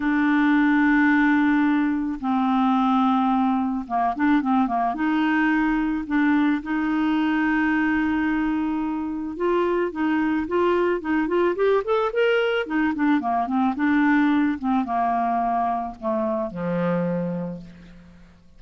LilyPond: \new Staff \with { instrumentName = "clarinet" } { \time 4/4 \tempo 4 = 109 d'1 | c'2. ais8 d'8 | c'8 ais8 dis'2 d'4 | dis'1~ |
dis'4 f'4 dis'4 f'4 | dis'8 f'8 g'8 a'8 ais'4 dis'8 d'8 | ais8 c'8 d'4. c'8 ais4~ | ais4 a4 f2 | }